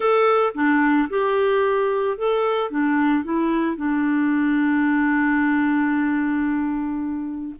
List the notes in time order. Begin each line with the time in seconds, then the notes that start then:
0.00 A4
0.54 D4
1.09 G4
2.17 A4
2.70 D4
3.24 E4
3.76 D4